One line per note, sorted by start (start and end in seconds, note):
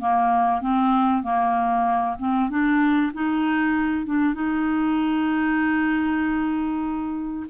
0.00 0.61 A#3
0.61 1.23 C4
1.23 2.17 A#3
2.19 2.50 C4
2.50 3.12 D4
3.14 4.06 D#4
4.06 4.35 D4
4.35 7.47 D#4